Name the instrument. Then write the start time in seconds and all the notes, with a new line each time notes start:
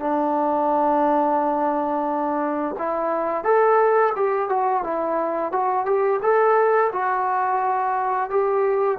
trombone
0.00 D4
2.79 E4
3.44 A4
4.16 G4
4.50 F#4
4.84 E4
5.52 F#4
5.86 G4
6.23 A4
6.93 F#4
8.30 G4